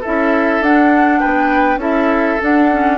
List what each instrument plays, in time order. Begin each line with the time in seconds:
0.00 clarinet E4, oboe A4, flute E5
0.07 bassoon C#4
0.60 bassoon D4, clarinet D4, flute F#5
1.19 bassoon B3, oboe B4, flute G5
1.76 bassoon C#4, clarinet E4, oboe A4, flute E5
2.40 clarinet D4, bassoon D4, flute F#5
2.71 clarinet C#4